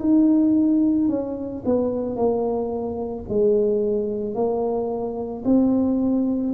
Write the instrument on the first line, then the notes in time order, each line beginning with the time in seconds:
tuba
0.00 D#4
1.09 C#4
1.65 B3
2.16 A#3
3.29 G#3
4.34 A#3
5.45 C4